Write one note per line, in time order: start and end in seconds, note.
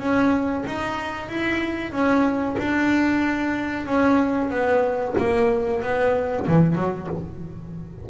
0.00 0.65 C#4
0.67 1.29 D#4
1.29 1.92 E4
1.92 2.57 C#4
2.59 3.86 D4
3.86 4.50 C#4
4.50 5.15 B3
5.18 5.82 A#3
5.82 6.47 B3
6.48 6.76 E3
6.76 7.08 F#3